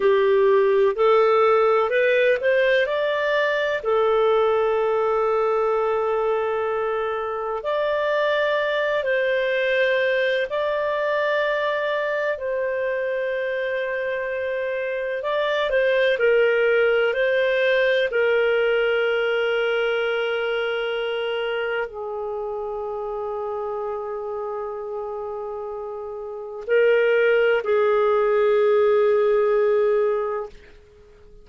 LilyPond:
\new Staff \with { instrumentName = "clarinet" } { \time 4/4 \tempo 4 = 63 g'4 a'4 b'8 c''8 d''4 | a'1 | d''4. c''4. d''4~ | d''4 c''2. |
d''8 c''8 ais'4 c''4 ais'4~ | ais'2. gis'4~ | gis'1 | ais'4 gis'2. | }